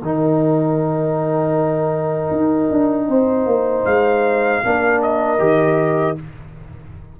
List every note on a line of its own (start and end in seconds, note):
0.00 2.31 D#3
0.00 4.64 D#4
0.00 3.08 A#4
0.00 3.85 G5
2.31 2.69 D#4
2.70 3.08 D4
3.08 3.46 C4
3.08 4.62 C5
3.46 3.84 A#3
3.85 4.62 G#3
3.85 5.00 F5
4.64 5.39 A#3
4.64 5.38 D4
4.64 6.20 A#4
5.02 6.17 D#5
5.38 6.16 D#3
5.38 6.15 G4